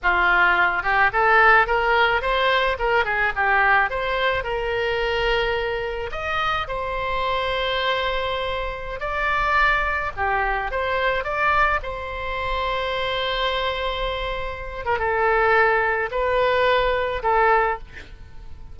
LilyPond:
\new Staff \with { instrumentName = "oboe" } { \time 4/4 \tempo 4 = 108 f'4. g'8 a'4 ais'4 | c''4 ais'8 gis'8 g'4 c''4 | ais'2. dis''4 | c''1~ |
c''16 d''2 g'4 c''8.~ | c''16 d''4 c''2~ c''8.~ | c''2~ c''8. ais'16 a'4~ | a'4 b'2 a'4 | }